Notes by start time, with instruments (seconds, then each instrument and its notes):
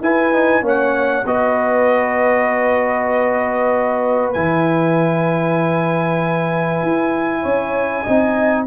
0.00 tuba E4, trombone E4, horn B4, trumpet G#5
0.33 trombone D#4
0.62 tuba A#3, trombone C#4, horn C#5, trumpet F#5
1.25 tuba B3, trombone F#4, horn B4, trumpet D#5
4.33 tuba E3, trombone E4, trumpet G#5
6.82 tuba E4
7.42 tuba C#4, horn C#5
8.03 tuba C4, trombone D#4, horn D#5